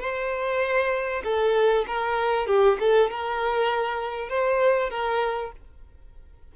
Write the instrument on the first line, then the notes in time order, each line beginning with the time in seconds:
violin
0.00 C5
1.24 A4
1.87 A#4
2.47 G4
2.80 A4
3.10 A#4
4.29 C5
4.90 A#4